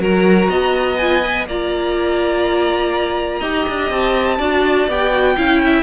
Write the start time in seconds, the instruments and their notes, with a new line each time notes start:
0.00 cello F#3, viola F#4, violin A#4 A#5
0.50 cello B3, violin D#5
0.98 viola F4, violin G#5
1.23 viola B4
1.47 cello A#3, viola F4, violin D5 A#5
3.40 cello D#4, viola G4, violin D#5
3.69 cello D4
3.90 cello C4, violin A5
4.38 cello D4, viola F#4, violin D5
4.88 cello B3, viola G4, violin G5
5.12 viola F#4
5.37 cello C#4, viola E4, violin F5
5.65 violin E5